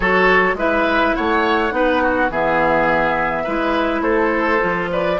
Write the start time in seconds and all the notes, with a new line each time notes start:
0.00 F#3 F#4 A4 C#5
0.54 G#3 E4 B4 E5
1.15 A3 C#5 F#5
1.71 B3 D#4 B4
2.02 F#4
2.29 E3 B3 G#4 E5
3.43 G#3 E4 B4
4.01 A3 A4 C5
4.59 F3 F4
4.92 B4 D5